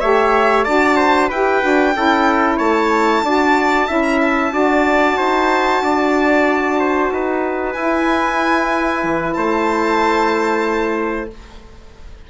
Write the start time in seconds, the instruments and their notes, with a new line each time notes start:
0.00 bassoon A3, saxophone G4, trumpet C#5, violin E5
0.64 bassoon D4, saxophone F#4, trumpet D5, violin A5
0.97 trumpet C5
1.28 bassoon E4, saxophone G4, trumpet B4, violin G5
1.61 bassoon D4, saxophone F#4
1.95 bassoon C#4, saxophone E4, trumpet A4
2.57 bassoon A3, trumpet C#5, violin A5
3.22 bassoon D4, saxophone F#4, trumpet D5
3.87 bassoon C#4, saxophone E4, trumpet E5
4.02 violin A#5
4.21 violin A5
4.51 bassoon D4, saxophone F#4, trumpet D5
5.18 bassoon D#4, trumpet C5
5.81 bassoon D4, trumpet D5
6.79 trumpet C5
7.11 bassoon D#4, trumpet B4
7.73 bassoon E4, saxophone E4, violin G#5
9.03 bassoon E3
9.33 bassoon A3, trumpet C5, violin A5